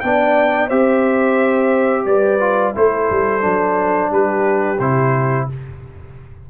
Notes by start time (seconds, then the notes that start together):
0.00 B3 D4 D5 G5
0.67 C4 G4 C5 E5
2.05 G3 B4 D5
2.40 F4
2.74 A3 E4 A4 C5
3.10 G3
3.41 F#3 D4
4.11 G3 G4 B4
4.79 C3 E4 C5